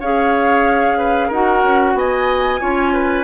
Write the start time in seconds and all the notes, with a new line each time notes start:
0.00 C#4 G#4 C#5 F5
0.98 B4
1.28 D#4 F#4 A#4 F#5
1.63 C#4
1.94 B3 D#5 G#5
2.60 C#4 F4 C#5
2.93 B4